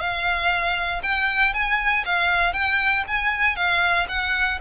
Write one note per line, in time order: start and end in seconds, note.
0.00 1.02 F5
1.03 1.53 G5
1.53 2.04 G#5
2.05 2.53 F5
2.53 3.04 G5
3.08 3.56 G#5
3.56 4.07 F5
4.09 4.59 F#5